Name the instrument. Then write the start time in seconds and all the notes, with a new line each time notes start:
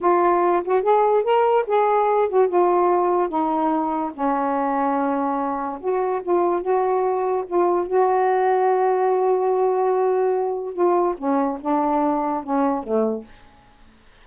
saxophone
0.00 F4
0.64 F#4
0.82 G#4
1.23 A#4
1.66 G#4
2.29 F#4
2.48 F4
3.28 D#4
4.13 C#4
5.80 F#4
6.22 F4
6.61 F#4
7.46 F4
7.87 F#4
10.73 F4
11.17 C#4
11.61 D4
12.43 C#4
12.83 A3